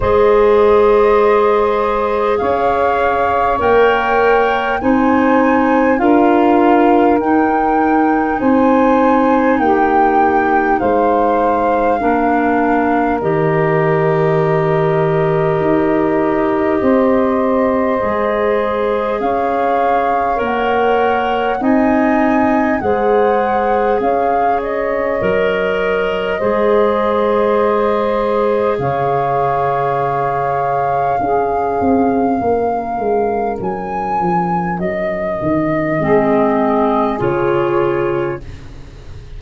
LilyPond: <<
  \new Staff \with { instrumentName = "flute" } { \time 4/4 \tempo 4 = 50 dis''2 f''4 g''4 | gis''4 f''4 g''4 gis''4 | g''4 f''2 dis''4~ | dis''1 |
f''4 fis''4 gis''4 fis''4 | f''8 dis''2.~ dis''8 | f''1 | gis''4 dis''2 cis''4 | }
  \new Staff \with { instrumentName = "saxophone" } { \time 4/4 c''2 cis''2 | c''4 ais'2 c''4 | g'4 c''4 ais'2~ | ais'2 c''2 |
cis''2 dis''4 c''4 | cis''2 c''2 | cis''2 gis'4 ais'4~ | ais'2 gis'2 | }
  \new Staff \with { instrumentName = "clarinet" } { \time 4/4 gis'2. ais'4 | dis'4 f'4 dis'2~ | dis'2 d'4 g'4~ | g'2. gis'4~ |
gis'4 ais'4 dis'4 gis'4~ | gis'4 ais'4 gis'2~ | gis'2 cis'2~ | cis'2 c'4 f'4 | }
  \new Staff \with { instrumentName = "tuba" } { \time 4/4 gis2 cis'4 ais4 | c'4 d'4 dis'4 c'4 | ais4 gis4 ais4 dis4~ | dis4 dis'4 c'4 gis4 |
cis'4 ais4 c'4 gis4 | cis'4 fis4 gis2 | cis2 cis'8 c'8 ais8 gis8 | fis8 f8 fis8 dis8 gis4 cis4 | }
>>